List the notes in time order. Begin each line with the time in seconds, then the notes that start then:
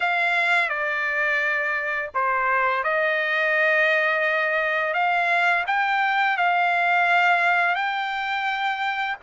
0.00 F5
0.69 D5
2.14 C5
2.83 D#5
4.93 F5
5.67 G5
6.37 F5
7.75 G5